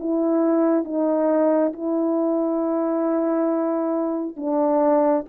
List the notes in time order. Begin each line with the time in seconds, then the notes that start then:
0.00 E4
0.85 D#4
1.74 E4
4.37 D4